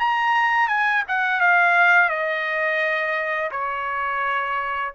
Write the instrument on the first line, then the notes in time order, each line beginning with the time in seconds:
trumpet
0.00 A#5
0.68 G#5
1.09 F#5
1.41 F5
2.10 D#5
3.52 C#5